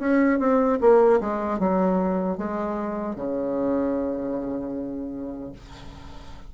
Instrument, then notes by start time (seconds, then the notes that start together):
bassoon
0.00 C#4
0.39 C4
0.81 A#3
1.21 G#3
1.60 F#3
2.38 G#3
3.16 C#3